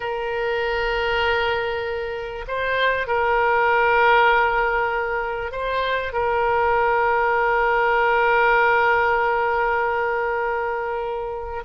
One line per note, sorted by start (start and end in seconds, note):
0.00 2.45 A#4
2.47 3.07 C5
3.07 5.51 A#4
5.51 6.12 C5
6.12 11.63 A#4